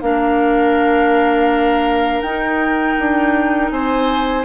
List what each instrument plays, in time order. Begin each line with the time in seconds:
0.00 bassoon A#3, clarinet D4, oboe A#4, flute F5
2.21 bassoon D#4, clarinet D#4, flute G5
2.99 bassoon D4
3.70 bassoon C4, oboe C5, flute G#5